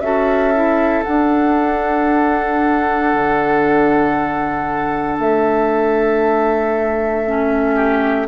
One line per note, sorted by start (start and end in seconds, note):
0.00 1.04 C#4
0.00 0.55 F#4
0.00 7.75 A4
0.00 1.03 E5
0.55 1.04 E4
1.04 7.25 D4
1.04 3.13 D4
1.04 5.17 F#5
3.13 5.19 D3
5.19 8.28 A3
5.19 8.28 E5
7.26 8.28 C#4
7.75 8.27 G4